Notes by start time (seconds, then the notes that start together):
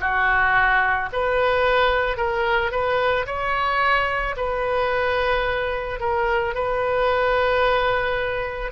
0.00 F#4
1.12 B4
2.17 A#4
2.71 B4
3.26 C#5
4.36 B4
6.00 A#4
6.55 B4